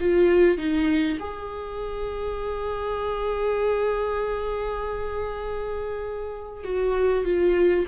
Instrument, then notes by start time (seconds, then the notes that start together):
viola
0.00 F4
0.58 D#4
1.20 G#4
6.64 F#4
7.25 F4